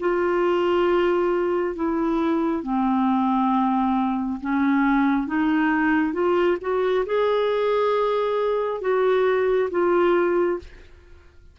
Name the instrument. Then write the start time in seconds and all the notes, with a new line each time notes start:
clarinet
0.00 F4
1.76 E4
2.64 C4
4.41 C#4
5.27 D#4
6.14 F4
6.61 F#4
7.06 G#4
8.82 F#4
9.71 F4